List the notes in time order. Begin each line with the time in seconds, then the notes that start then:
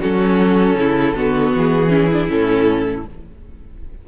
0.00 F#3 C#4 F#4 A4
0.74 C#3 E4
1.15 D3 B3 F#4
1.55 E3 G#4
1.89 C#4 E4
2.12 D4
2.28 A2 C#4 A4